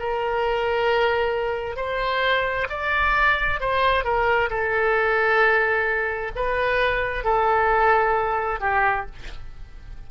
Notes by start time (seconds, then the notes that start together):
0.00 A#4
1.77 C5
2.70 D5
3.61 C5
4.05 A#4
4.50 A4
6.36 B4
7.25 A4
8.61 G4